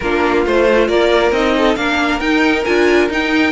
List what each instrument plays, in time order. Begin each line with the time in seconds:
0.00 cello A#3, viola D4, violin F4 A#4
0.45 cello A3, viola F4, violin C5
0.88 cello A#3, violin A#4 D5
1.31 cello C4, viola D#4, violin D#5
1.57 violin A4
1.75 cello A#3, viola D4, violin A#4 F5
2.19 cello D#4, viola D#4, violin G5
2.64 cello D4, viola F4, violin G#5
3.09 cello D#4, viola D#4, violin G5